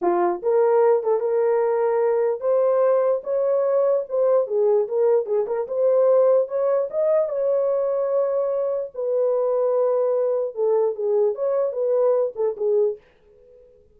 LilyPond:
\new Staff \with { instrumentName = "horn" } { \time 4/4 \tempo 4 = 148 f'4 ais'4. a'8 ais'4~ | ais'2 c''2 | cis''2 c''4 gis'4 | ais'4 gis'8 ais'8 c''2 |
cis''4 dis''4 cis''2~ | cis''2 b'2~ | b'2 a'4 gis'4 | cis''4 b'4. a'8 gis'4 | }